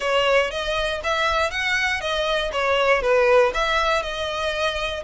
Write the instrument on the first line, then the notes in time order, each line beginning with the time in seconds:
violin
0.00 C#5
0.50 D#5
1.03 E5
1.50 F#5
2.00 D#5
2.52 C#5
3.01 B4
3.54 E5
4.02 D#5